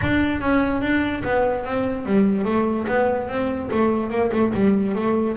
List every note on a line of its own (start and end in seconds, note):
0.01 0.40 D4
0.40 0.81 C#4
0.81 1.22 D4
1.24 1.64 B3
1.64 2.05 C4
2.05 2.45 G3
2.45 2.86 A3
2.87 3.28 B3
3.28 3.69 C4
3.71 4.10 A3
4.10 4.30 A#3
4.32 4.52 A3
4.54 4.95 G3
4.95 5.36 A3